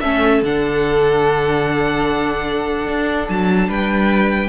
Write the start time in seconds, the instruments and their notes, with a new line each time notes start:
0.00 cello A3, viola C#4, violin A4 E5
0.42 cello D3, viola D4, violin F#5
2.87 cello D4
3.29 cello F#3, violin A5
3.68 cello G3, violin B4 G5